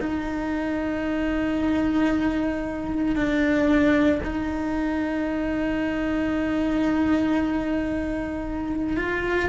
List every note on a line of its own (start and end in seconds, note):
0.00 3.15 D#4
3.15 4.21 D4
4.23 8.96 D#4
8.96 9.49 F4